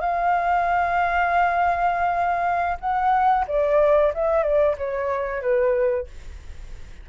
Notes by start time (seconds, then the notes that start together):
0.00 F5
2.80 F#5
3.47 D5
4.14 E5
4.43 D5
4.77 C#5
5.41 B4